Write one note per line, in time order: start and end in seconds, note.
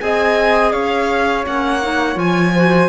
0.00 0.73 C4
0.00 1.44 G#4
0.00 0.72 D#5
0.00 0.72 G#5
0.72 1.45 C#4
0.72 2.53 C#5
0.72 1.44 F5
1.44 2.16 A#3
1.44 1.80 C#4
1.44 2.18 F#5
1.81 2.14 D#4
2.14 2.88 F3
2.14 2.50 F4
2.14 2.88 G#5
2.55 2.88 F#4
2.55 2.88 C5